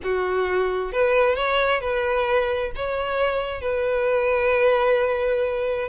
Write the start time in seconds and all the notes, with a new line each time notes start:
0.03 F#4
0.92 B4
1.35 C#5
1.80 B4
2.75 C#5
3.61 B4